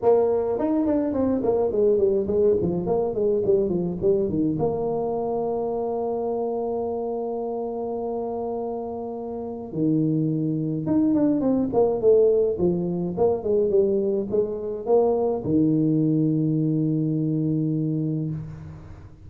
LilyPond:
\new Staff \with { instrumentName = "tuba" } { \time 4/4 \tempo 4 = 105 ais4 dis'8 d'8 c'8 ais8 gis8 g8 | gis8 f8 ais8 gis8 g8 f8 g8 dis8 | ais1~ | ais1~ |
ais4 dis2 dis'8 d'8 | c'8 ais8 a4 f4 ais8 gis8 | g4 gis4 ais4 dis4~ | dis1 | }